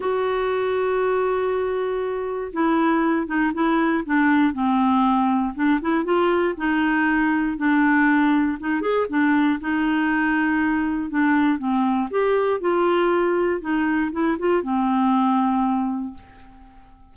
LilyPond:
\new Staff \with { instrumentName = "clarinet" } { \time 4/4 \tempo 4 = 119 fis'1~ | fis'4 e'4. dis'8 e'4 | d'4 c'2 d'8 e'8 | f'4 dis'2 d'4~ |
d'4 dis'8 gis'8 d'4 dis'4~ | dis'2 d'4 c'4 | g'4 f'2 dis'4 | e'8 f'8 c'2. | }